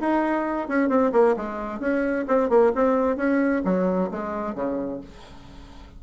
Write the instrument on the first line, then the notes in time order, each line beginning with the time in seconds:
bassoon
0.00 D#4
0.68 C#4
0.89 C4
1.12 A#3
1.36 G#3
1.79 C#4
2.27 C4
2.49 A#3
2.75 C4
3.16 C#4
3.64 F#3
4.11 G#3
4.55 C#3